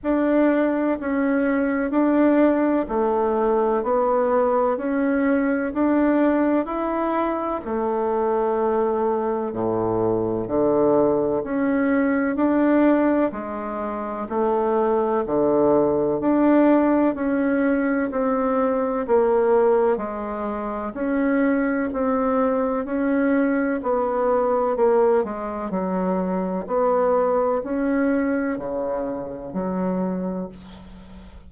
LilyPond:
\new Staff \with { instrumentName = "bassoon" } { \time 4/4 \tempo 4 = 63 d'4 cis'4 d'4 a4 | b4 cis'4 d'4 e'4 | a2 a,4 d4 | cis'4 d'4 gis4 a4 |
d4 d'4 cis'4 c'4 | ais4 gis4 cis'4 c'4 | cis'4 b4 ais8 gis8 fis4 | b4 cis'4 cis4 fis4 | }